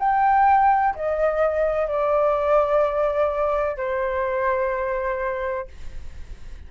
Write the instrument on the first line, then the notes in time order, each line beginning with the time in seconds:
flute
0.00 G5
0.96 D#5
1.88 D5
3.77 C5